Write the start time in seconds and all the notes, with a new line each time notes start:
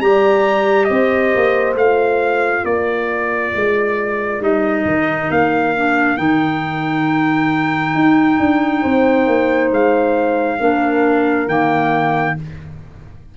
0.00 G3 G4 D5 A#5
0.84 C4 C5 D#5
1.35 A#3
1.74 A3 F4 F5
2.63 A#3 A#4 D5
3.54 G#3
4.40 G3 D#4 D#5
4.85 D#3
5.30 A#3 F5
5.76 D4
6.17 D#3 D#4 G5
7.94 D#4
8.39 D4
8.81 C4 C5
9.26 A#3
9.70 G#3 F5
10.60 A#3 D4 A#4
11.47 D#3 A#3 G5